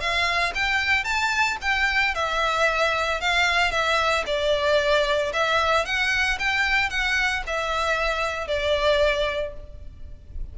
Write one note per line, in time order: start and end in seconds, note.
0.00 0.53 F5
0.55 1.04 G5
1.04 1.57 A5
1.61 2.15 G5
2.15 3.21 E5
3.21 3.71 F5
3.71 4.24 E5
4.26 5.32 D5
5.33 5.85 E5
5.85 6.38 F#5
6.39 6.90 G5
6.90 7.43 F#5
7.46 8.47 E5
8.47 9.54 D5